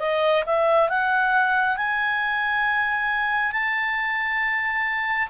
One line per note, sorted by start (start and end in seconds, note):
0.00 0.44 D#5
0.47 0.89 E5
0.89 1.77 F#5
1.77 3.53 G#5
3.53 5.29 A5